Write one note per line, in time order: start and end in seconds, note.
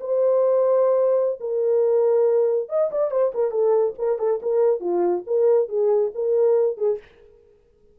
0.00 1.39 C5
1.40 2.69 A#4
2.69 2.90 D#5
2.91 3.11 D5
3.11 3.32 C5
3.34 3.51 A#4
3.51 3.94 A4
3.98 4.18 A#4
4.18 4.40 A4
4.42 4.80 A#4
4.80 5.23 F4
5.26 5.68 A#4
5.68 6.11 G#4
6.14 6.77 A#4
6.77 6.98 G#4